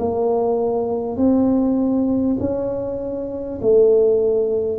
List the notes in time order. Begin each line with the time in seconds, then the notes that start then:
0.00 A#3
1.17 C4
2.40 C#4
3.62 A3